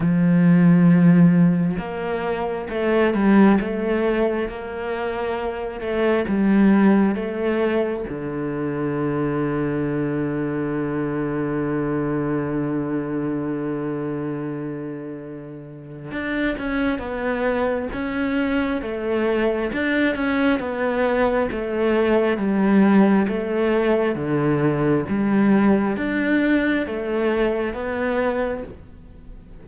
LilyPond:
\new Staff \with { instrumentName = "cello" } { \time 4/4 \tempo 4 = 67 f2 ais4 a8 g8 | a4 ais4. a8 g4 | a4 d2.~ | d1~ |
d2 d'8 cis'8 b4 | cis'4 a4 d'8 cis'8 b4 | a4 g4 a4 d4 | g4 d'4 a4 b4 | }